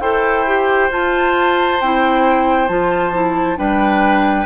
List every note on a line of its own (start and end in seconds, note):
0.00 0.90 E4
0.00 0.46 A4
0.00 3.58 C5
0.00 0.90 G5
0.46 0.90 G4
0.90 1.80 F4
0.90 1.81 A5
1.80 2.68 C4
1.80 2.68 E4
1.80 2.68 G5
2.68 3.58 F3
2.68 3.12 F4
2.68 3.57 A5
3.13 3.56 E4
3.56 4.46 G3
3.56 4.46 D4
3.56 4.46 B4
3.56 4.46 G5